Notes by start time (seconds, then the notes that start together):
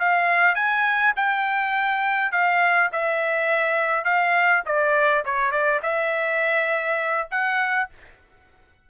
0.00 F5
0.56 G#5
1.17 G5
2.32 F5
2.92 E5
4.05 F5
4.66 D5
5.25 C#5
5.52 D5
5.83 E5
7.31 F#5